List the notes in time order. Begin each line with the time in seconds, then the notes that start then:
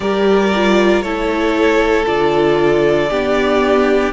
0.00 G3 G4 A#4 D5
0.55 F4
1.01 A3 E4 A4 C#5
2.05 D3 F4 D5
3.10 B3 D4 G4